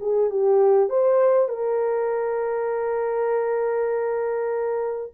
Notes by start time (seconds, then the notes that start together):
0.00 G#4
0.30 G4
0.90 C5
1.49 A#4